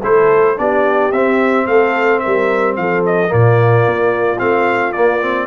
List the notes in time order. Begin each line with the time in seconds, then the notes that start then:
0.00 A3 E4 A4 C5
0.57 B3 D4 G4 D5
1.12 C4 E5
1.67 A3 A4 F5
2.20 A#4 E5
2.26 G3
2.76 F3 A4 F5
3.06 D#5
3.28 A#2 A#3 F4 D5
3.86 A#3
4.39 A3 C4 F5
4.92 A#3 D5
5.22 C4